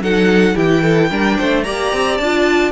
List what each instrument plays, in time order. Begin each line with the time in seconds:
0.00 cello F#3, viola D#4, violin A4 F#5
0.54 cello E3, viola E4, violin G4 G5
0.82 violin A4
1.10 cello G3, viola D4, violin A#4
1.38 cello A3, violin C5
1.63 cello A#3, viola G4, violin D5 A#5
1.92 cello C4
2.17 cello D4, violin A5
2.23 viola F4